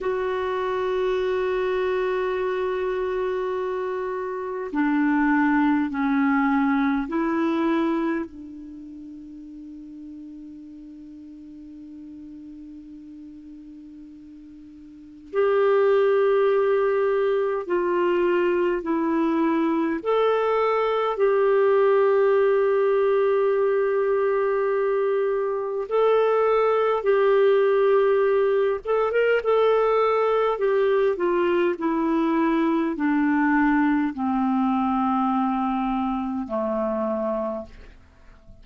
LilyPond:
\new Staff \with { instrumentName = "clarinet" } { \time 4/4 \tempo 4 = 51 fis'1 | d'4 cis'4 e'4 d'4~ | d'1~ | d'4 g'2 f'4 |
e'4 a'4 g'2~ | g'2 a'4 g'4~ | g'8 a'16 ais'16 a'4 g'8 f'8 e'4 | d'4 c'2 a4 | }